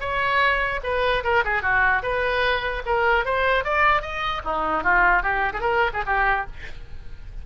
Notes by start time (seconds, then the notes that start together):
0.00 C#5
0.83 B4
1.23 A#4
1.44 G#4
1.62 F#4
2.02 B4
2.85 A#4
3.25 C5
3.64 D5
4.01 D#5
4.44 D#4
4.83 F4
5.22 G4
5.53 G#4
5.60 A#4
5.93 G#4
6.06 G4